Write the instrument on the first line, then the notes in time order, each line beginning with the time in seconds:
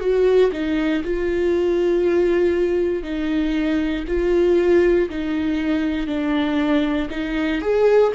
viola
0.00 F#4
0.52 D#4
1.04 F4
3.03 D#4
4.07 F4
5.09 D#4
6.07 D4
7.10 D#4
7.61 G#4